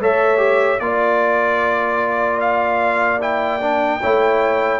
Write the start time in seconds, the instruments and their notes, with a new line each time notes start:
0.00 tuba A3, trombone A4, horn C#5, trumpet E5
0.38 trombone G4
0.80 tuba A#3, trombone F4, trumpet D5, horn D5
2.41 trumpet F5
3.21 trombone E4, trumpet G5
3.61 trombone D4
4.01 tuba A3, trombone E4, horn C#5